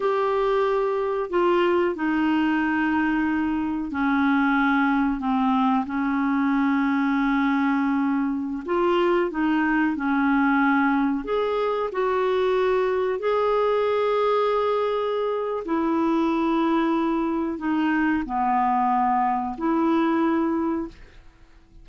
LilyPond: \new Staff \with { instrumentName = "clarinet" } { \time 4/4 \tempo 4 = 92 g'2 f'4 dis'4~ | dis'2 cis'2 | c'4 cis'2.~ | cis'4~ cis'16 f'4 dis'4 cis'8.~ |
cis'4~ cis'16 gis'4 fis'4.~ fis'16~ | fis'16 gis'2.~ gis'8. | e'2. dis'4 | b2 e'2 | }